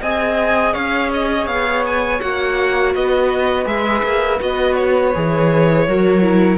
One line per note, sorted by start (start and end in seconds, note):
0.00 0.75 C4
0.00 2.20 G#4
0.00 0.73 D#5
0.00 0.73 G#5
0.73 1.46 C#4
0.73 2.92 C#5
0.73 1.10 F5
1.13 1.46 D#5
1.46 2.19 B3
1.46 1.83 F5
1.86 2.20 G#5
2.20 2.94 A#3
2.20 3.65 F#4
2.20 2.94 F#5
2.94 3.65 B3
2.94 5.87 B4
2.94 3.66 D#5
3.65 4.02 G#3
3.65 4.38 G#4
3.65 4.40 E5
4.02 4.39 A#3
4.39 5.15 B3
4.39 5.13 F#4
4.39 4.75 D#5
4.75 6.58 C#5
5.14 5.87 E3
5.14 5.87 G#4
5.87 6.58 F#3
5.87 6.21 F#4
5.87 6.58 A#4
6.21 6.58 E4